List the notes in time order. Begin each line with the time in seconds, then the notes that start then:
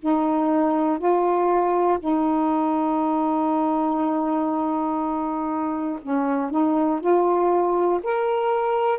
0.00 D#4
0.99 F4
2.00 D#4
6.02 C#4
6.51 D#4
7.01 F4
8.04 A#4